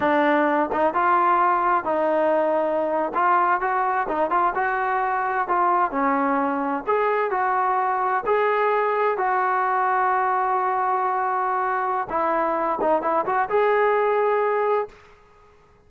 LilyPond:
\new Staff \with { instrumentName = "trombone" } { \time 4/4 \tempo 4 = 129 d'4. dis'8 f'2 | dis'2~ dis'8. f'4 fis'16~ | fis'8. dis'8 f'8 fis'2 f'16~ | f'8. cis'2 gis'4 fis'16~ |
fis'4.~ fis'16 gis'2 fis'16~ | fis'1~ | fis'2 e'4. dis'8 | e'8 fis'8 gis'2. | }